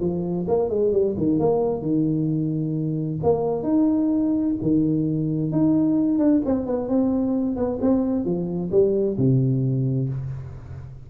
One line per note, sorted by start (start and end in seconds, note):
0.00 0.46 F3
0.47 0.69 A#3
0.69 0.92 G#3
0.92 1.15 G3
1.17 1.39 D#3
1.39 1.82 A#3
1.82 3.19 D#3
3.23 3.63 A#3
3.63 4.55 D#4
4.62 5.51 D#3
5.51 6.18 D#4
6.18 6.41 D4
6.45 6.66 C4
6.66 6.88 B3
6.88 7.56 C4
7.56 7.79 B3
7.81 8.25 C4
8.25 8.71 F3
8.71 9.17 G3
9.17 10.09 C3